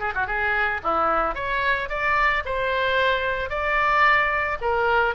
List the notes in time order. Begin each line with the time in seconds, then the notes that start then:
0.00 G#4
0.15 F#4
0.27 G#4
0.84 E4
1.35 C#5
1.89 D5
2.45 C5
3.50 D5
4.61 A#4